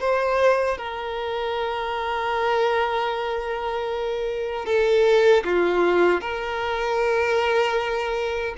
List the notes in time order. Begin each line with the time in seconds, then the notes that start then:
0.00 C5
0.78 A#4
4.66 A4
5.44 F4
6.21 A#4